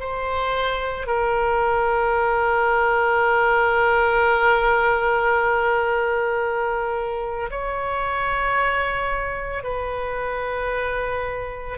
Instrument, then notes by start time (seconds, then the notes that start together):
oboe
0.00 C5
1.07 A#4
7.50 C#5
9.63 B4